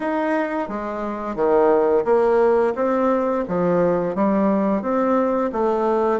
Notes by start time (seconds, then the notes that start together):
0.00 D#4
0.68 G#3
1.35 D#3
2.05 A#3
2.75 C4
3.47 F3
4.15 G3
4.82 C4
5.52 A3